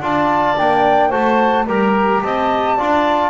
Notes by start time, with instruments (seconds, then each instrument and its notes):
0.00 double bass D4, trombone F4, clarinet D5, flute A5
0.57 double bass A#3, trombone D4, flute G5
1.09 double bass A3, trombone F#4, clarinet C5, flute A5
1.67 double bass G3, trombone G4, clarinet A#4, flute A#5
2.22 double bass C4, clarinet D#5, flute A5
2.76 double bass D4, trombone F4, clarinet D5